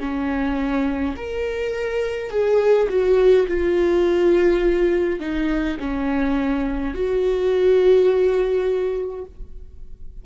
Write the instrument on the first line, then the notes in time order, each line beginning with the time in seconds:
viola
0.00 C#4
1.17 A#4
2.31 G#4
2.90 F#4
3.48 F4
5.20 D#4
5.80 C#4
6.94 F#4